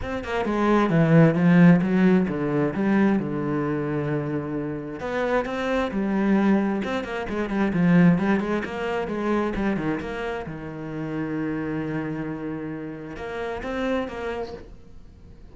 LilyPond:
\new Staff \with { instrumentName = "cello" } { \time 4/4 \tempo 4 = 132 c'8 ais8 gis4 e4 f4 | fis4 d4 g4 d4~ | d2. b4 | c'4 g2 c'8 ais8 |
gis8 g8 f4 g8 gis8 ais4 | gis4 g8 dis8 ais4 dis4~ | dis1~ | dis4 ais4 c'4 ais4 | }